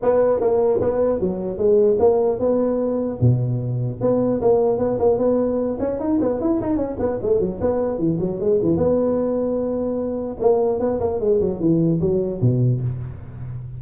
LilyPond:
\new Staff \with { instrumentName = "tuba" } { \time 4/4 \tempo 4 = 150 b4 ais4 b4 fis4 | gis4 ais4 b2 | b,2 b4 ais4 | b8 ais8 b4. cis'8 dis'8 b8 |
e'8 dis'8 cis'8 b8 a8 fis8 b4 | e8 fis8 gis8 e8 b2~ | b2 ais4 b8 ais8 | gis8 fis8 e4 fis4 b,4 | }